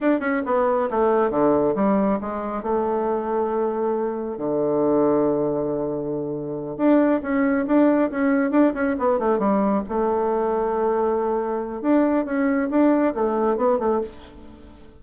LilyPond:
\new Staff \with { instrumentName = "bassoon" } { \time 4/4 \tempo 4 = 137 d'8 cis'8 b4 a4 d4 | g4 gis4 a2~ | a2 d2~ | d2.~ d8 d'8~ |
d'8 cis'4 d'4 cis'4 d'8 | cis'8 b8 a8 g4 a4.~ | a2. d'4 | cis'4 d'4 a4 b8 a8 | }